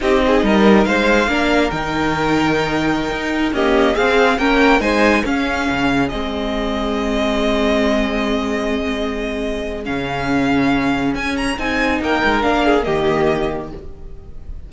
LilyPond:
<<
  \new Staff \with { instrumentName = "violin" } { \time 4/4 \tempo 4 = 140 dis''2 f''2 | g''1~ | g''16 dis''4 f''4 g''4 gis''8.~ | gis''16 f''2 dis''4.~ dis''16~ |
dis''1~ | dis''2. f''4~ | f''2 gis''8 ais''8 gis''4 | g''4 f''4 dis''2 | }
  \new Staff \with { instrumentName = "violin" } { \time 4/4 g'8 gis'8 ais'4 c''4 ais'4~ | ais'1~ | ais'16 g'4 gis'4 ais'4 c''8.~ | c''16 gis'2.~ gis'8.~ |
gis'1~ | gis'1~ | gis'1 | ais'4. gis'8 g'2 | }
  \new Staff \with { instrumentName = "viola" } { \time 4/4 dis'2. d'4 | dis'1~ | dis'16 ais4 c'4 cis'4 dis'8.~ | dis'16 cis'2 c'4.~ c'16~ |
c'1~ | c'2. cis'4~ | cis'2. dis'4~ | dis'4 d'4 ais2 | }
  \new Staff \with { instrumentName = "cello" } { \time 4/4 c'4 g4 gis4 ais4 | dis2.~ dis16 dis'8.~ | dis'16 cis'4 c'4 ais4 gis8.~ | gis16 cis'4 cis4 gis4.~ gis16~ |
gis1~ | gis2. cis4~ | cis2 cis'4 c'4 | ais8 gis8 ais4 dis2 | }
>>